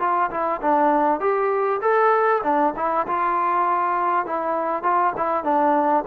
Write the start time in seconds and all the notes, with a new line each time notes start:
0.00 F4
0.31 E4
0.61 D4
1.20 G4
1.82 A4
2.44 D4
2.77 E4
3.07 F4
4.26 E4
4.83 F4
5.18 E4
5.44 D4